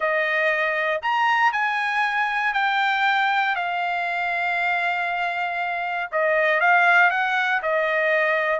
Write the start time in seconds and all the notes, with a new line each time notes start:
0.00 D#5
1.02 A#5
1.52 G#5
2.53 G5
3.55 F5
6.11 D#5
6.60 F5
7.10 F#5
7.62 D#5